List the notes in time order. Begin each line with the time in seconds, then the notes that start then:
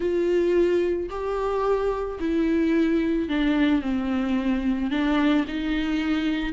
0.00 F4
1.09 G4
2.19 E4
3.28 D4
3.81 C4
4.90 D4
5.47 D#4